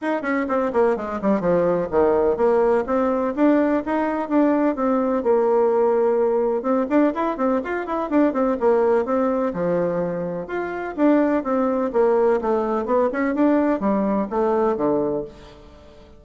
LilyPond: \new Staff \with { instrumentName = "bassoon" } { \time 4/4 \tempo 4 = 126 dis'8 cis'8 c'8 ais8 gis8 g8 f4 | dis4 ais4 c'4 d'4 | dis'4 d'4 c'4 ais4~ | ais2 c'8 d'8 e'8 c'8 |
f'8 e'8 d'8 c'8 ais4 c'4 | f2 f'4 d'4 | c'4 ais4 a4 b8 cis'8 | d'4 g4 a4 d4 | }